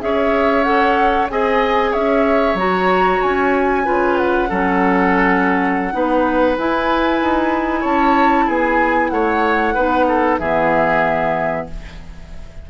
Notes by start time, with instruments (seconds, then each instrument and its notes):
0.00 bassoon C#4, clarinet G#4, oboe C#5, flute E5
0.63 clarinet A4, flute F#5
1.30 bassoon C4, clarinet G#4, oboe D#5, flute G#5
1.91 bassoon C#4, oboe C#5, flute E5
2.54 bassoon F#3, clarinet F#4, flute A#5
3.22 bassoon C#4, flute G#5
3.84 bassoon C#3, clarinet F4, oboe B4
4.17 flute F#5
4.49 bassoon F#3, clarinet C#4, oboe A4
5.92 bassoon B3, clarinet D#4, oboe B4
6.57 bassoon E4, clarinet E4, flute G#5
7.21 bassoon D#4
7.80 bassoon C#4, oboe C#5, flute A5
8.46 bassoon B3, oboe G#4, flute G#5
9.09 bassoon A3, oboe C#5, flute F#5
9.74 bassoon B3, clarinet D#4, oboe B4
10.08 oboe A4
10.38 bassoon E3, clarinet B3, oboe G#4, flute E5